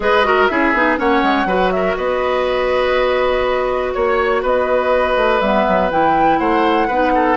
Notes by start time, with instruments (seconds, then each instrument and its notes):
0.00 bassoon G#3, clarinet G#4, oboe B4, flute D#5
0.24 clarinet F#4, oboe A#4
0.47 bassoon C#4, clarinet E4, oboe G#4, flute E5
0.73 bassoon B3, clarinet D#4
0.97 bassoon A#3, clarinet C#4, oboe C#5, flute F#5
1.22 bassoon G#3
1.45 bassoon F#3, clarinet F#4, oboe B4
1.71 oboe A#4, flute E5
1.96 bassoon B3, oboe B4, flute D#5
3.93 bassoon A#3, flute C#5, oboe C#5
4.42 bassoon B3, oboe B4, flute D#5
5.16 bassoon A3
5.40 bassoon G3, clarinet B3, flute E5
5.67 bassoon F#3
5.90 bassoon E3, clarinet E4, flute G5
6.38 bassoon A3, oboe C5, flute F#5
6.87 bassoon B3, clarinet D#4, oboe B4
7.14 oboe A4